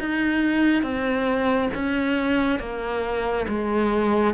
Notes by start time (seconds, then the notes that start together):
0.00 D#4
0.83 C4
1.74 C#4
2.60 A#3
3.49 G#3